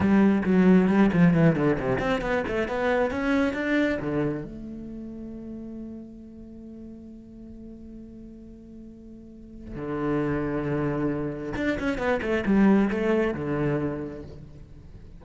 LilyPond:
\new Staff \with { instrumentName = "cello" } { \time 4/4 \tempo 4 = 135 g4 fis4 g8 f8 e8 d8 | c8 c'8 b8 a8 b4 cis'4 | d'4 d4 a2~ | a1~ |
a1~ | a2 d2~ | d2 d'8 cis'8 b8 a8 | g4 a4 d2 | }